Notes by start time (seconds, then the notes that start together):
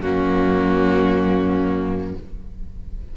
0.00 F#2 A#3 C#4 F#4